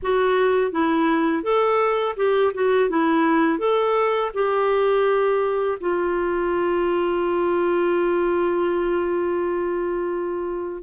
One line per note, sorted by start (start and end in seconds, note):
0.02 0.71 F#4
0.71 1.43 E4
1.43 2.15 A4
2.16 2.52 G4
2.53 2.89 F#4
2.89 3.58 E4
3.58 4.31 A4
4.33 5.78 G4
5.80 10.82 F4